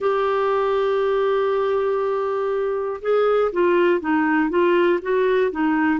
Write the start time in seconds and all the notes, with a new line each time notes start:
0.00 G4
3.01 G#4
3.52 F4
4.00 D#4
4.49 F4
5.02 F#4
5.51 D#4